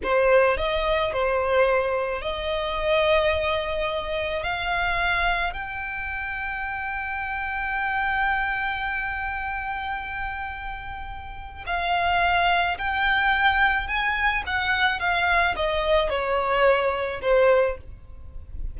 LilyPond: \new Staff \with { instrumentName = "violin" } { \time 4/4 \tempo 4 = 108 c''4 dis''4 c''2 | dis''1 | f''2 g''2~ | g''1~ |
g''1~ | g''4 f''2 g''4~ | g''4 gis''4 fis''4 f''4 | dis''4 cis''2 c''4 | }